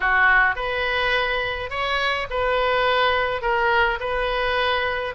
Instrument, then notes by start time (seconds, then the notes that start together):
oboe
0.00 F#4
0.55 B4
1.70 C#5
2.29 B4
3.41 A#4
3.99 B4